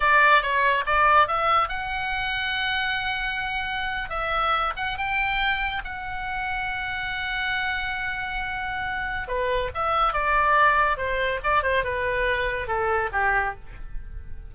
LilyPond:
\new Staff \with { instrumentName = "oboe" } { \time 4/4 \tempo 4 = 142 d''4 cis''4 d''4 e''4 | fis''1~ | fis''4.~ fis''16 e''4. fis''8 g''16~ | g''4.~ g''16 fis''2~ fis''16~ |
fis''1~ | fis''2 b'4 e''4 | d''2 c''4 d''8 c''8 | b'2 a'4 g'4 | }